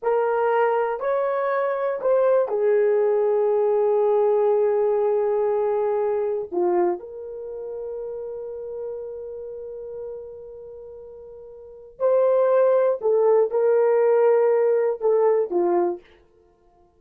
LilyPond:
\new Staff \with { instrumentName = "horn" } { \time 4/4 \tempo 4 = 120 ais'2 cis''2 | c''4 gis'2.~ | gis'1~ | gis'4 f'4 ais'2~ |
ais'1~ | ais'1 | c''2 a'4 ais'4~ | ais'2 a'4 f'4 | }